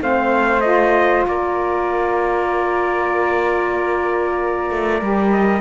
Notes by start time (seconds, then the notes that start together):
0.00 A3 C4 C5 F5
0.61 F4 D#5
1.27 A#3 A#4 D5
4.71 A3
5.01 G3 G4
5.32 D#5